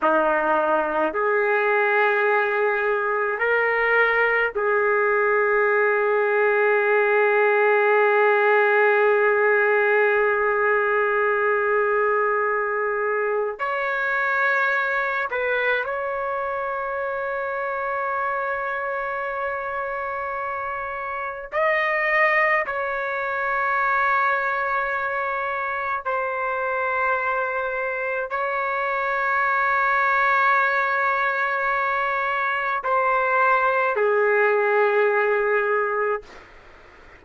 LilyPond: \new Staff \with { instrumentName = "trumpet" } { \time 4/4 \tempo 4 = 53 dis'4 gis'2 ais'4 | gis'1~ | gis'1 | cis''4. b'8 cis''2~ |
cis''2. dis''4 | cis''2. c''4~ | c''4 cis''2.~ | cis''4 c''4 gis'2 | }